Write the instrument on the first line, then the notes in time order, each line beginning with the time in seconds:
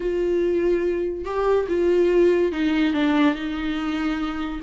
viola
0.00 F4
1.25 G4
1.68 F4
2.52 D#4
2.93 D4
3.34 D#4